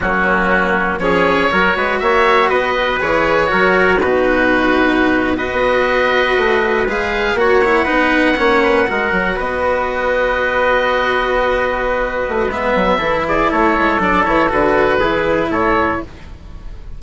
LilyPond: <<
  \new Staff \with { instrumentName = "oboe" } { \time 4/4 \tempo 4 = 120 fis'2 cis''2 | e''4 dis''4 cis''2 | b'2~ b'8. dis''4~ dis''16~ | dis''4.~ dis''16 f''4 fis''4~ fis''16~ |
fis''2~ fis''8. dis''4~ dis''16~ | dis''1~ | dis''4 e''4. d''8 cis''4 | d''8 cis''8 b'2 cis''4 | }
  \new Staff \with { instrumentName = "trumpet" } { \time 4/4 cis'2 gis'4 ais'8 b'8 | cis''4 b'2 ais'4 | fis'2~ fis'8. b'4~ b'16~ | b'2~ b'8. cis''4 b'16~ |
b'8. cis''8 b'8 ais'4 b'4~ b'16~ | b'1~ | b'2 a'8 gis'8 a'4~ | a'2 gis'4 a'4 | }
  \new Staff \with { instrumentName = "cello" } { \time 4/4 ais2 cis'4 fis'4~ | fis'2 gis'4 fis'4 | dis'2~ dis'8. fis'4~ fis'16~ | fis'4.~ fis'16 gis'4 fis'8 e'8 dis'16~ |
dis'8. cis'4 fis'2~ fis'16~ | fis'1~ | fis'4 b4 e'2 | d'8 e'8 fis'4 e'2 | }
  \new Staff \with { instrumentName = "bassoon" } { \time 4/4 fis2 f4 fis8 gis8 | ais4 b4 e4 fis4 | b,2. b4~ | b8. a4 gis4 ais4 b16~ |
b8. ais4 gis8 fis8 b4~ b16~ | b1~ | b8 a8 gis8 fis8 e4 a8 gis8 | fis8 e8 d4 e4 a,4 | }
>>